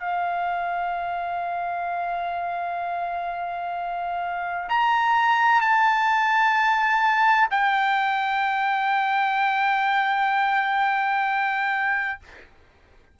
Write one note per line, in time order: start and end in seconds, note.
0.00 4.69 F5
4.69 5.61 A#5
5.61 7.49 A5
7.51 12.20 G5